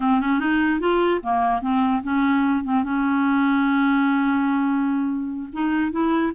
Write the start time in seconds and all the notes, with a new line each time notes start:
0.00 C4
0.20 C#4
0.39 D#4
0.80 F4
1.22 A#3
1.61 C4
2.02 C#4
2.64 C4
2.83 C#4
5.52 D#4
5.91 E4